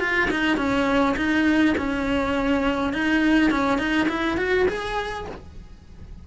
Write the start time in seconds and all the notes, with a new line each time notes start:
0.00 F4
0.30 D#4
0.57 C#4
1.17 D#4
1.78 C#4
2.93 D#4
3.51 C#4
3.78 D#4
4.09 E4
4.37 F#4
4.69 G#4